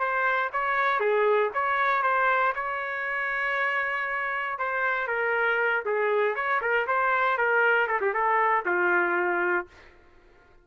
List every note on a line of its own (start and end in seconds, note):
0.00 0.51 C5
0.53 1.00 C#5
1.00 1.51 G#4
1.54 2.03 C#5
2.03 2.54 C5
2.56 4.59 C#5
4.59 5.08 C5
5.08 5.84 A#4
5.86 6.36 G#4
6.36 6.61 C#5
6.62 6.87 A#4
6.87 7.38 C5
7.38 7.88 A#4
7.88 8.01 A4
8.02 8.14 G4
8.14 8.65 A4
8.66 9.68 F4